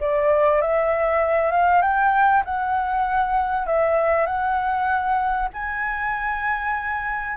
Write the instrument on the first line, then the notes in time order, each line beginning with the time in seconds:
flute
0.00 D5
0.61 E5
1.51 F5
1.82 G5
2.45 F#5
3.67 E5
4.26 F#5
5.53 G#5